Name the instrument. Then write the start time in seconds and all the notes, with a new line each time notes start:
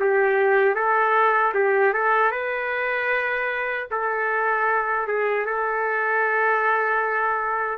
trumpet
0.00 G4
0.75 A4
1.54 G4
1.93 A4
2.32 B4
3.91 A4
5.07 G#4
5.46 A4